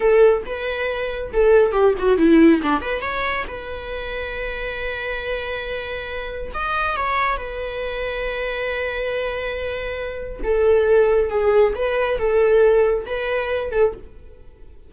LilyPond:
\new Staff \with { instrumentName = "viola" } { \time 4/4 \tempo 4 = 138 a'4 b'2 a'4 | g'8 fis'8 e'4 d'8 b'8 cis''4 | b'1~ | b'2. dis''4 |
cis''4 b'2.~ | b'1 | a'2 gis'4 b'4 | a'2 b'4. a'8 | }